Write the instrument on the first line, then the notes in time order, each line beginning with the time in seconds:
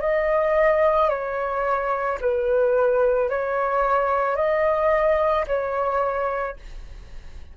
flute
0.00 D#5
1.09 C#5
2.21 B4
3.29 C#5
4.36 D#5
5.47 C#5